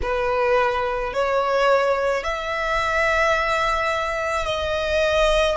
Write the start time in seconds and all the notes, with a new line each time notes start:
0.02 B4
1.13 C#5
2.23 E5
4.45 D#5